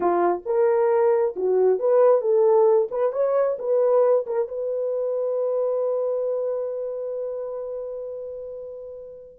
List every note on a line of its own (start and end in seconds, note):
0.00 0.42 F4
0.45 1.35 A#4
1.36 1.79 F#4
1.79 2.21 B4
2.21 2.88 A4
2.91 3.12 B4
3.12 3.57 C#5
3.58 4.25 B4
4.26 4.48 A#4
4.48 9.39 B4